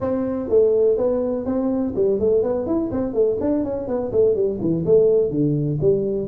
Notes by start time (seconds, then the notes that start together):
0.00 C4
0.49 A3
0.97 B3
1.45 C4
1.95 G3
2.19 A3
2.42 B3
2.66 E4
2.91 C4
3.13 A3
3.40 D4
3.63 C#4
3.87 B3
4.12 A3
4.35 G3
4.61 E3
4.85 A3
5.30 D3
5.81 G3